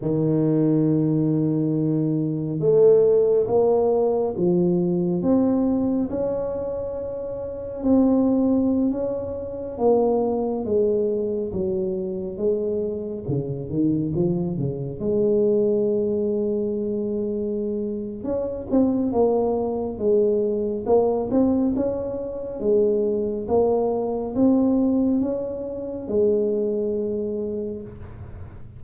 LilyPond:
\new Staff \with { instrumentName = "tuba" } { \time 4/4 \tempo 4 = 69 dis2. a4 | ais4 f4 c'4 cis'4~ | cis'4 c'4~ c'16 cis'4 ais8.~ | ais16 gis4 fis4 gis4 cis8 dis16~ |
dis16 f8 cis8 gis2~ gis8.~ | gis4 cis'8 c'8 ais4 gis4 | ais8 c'8 cis'4 gis4 ais4 | c'4 cis'4 gis2 | }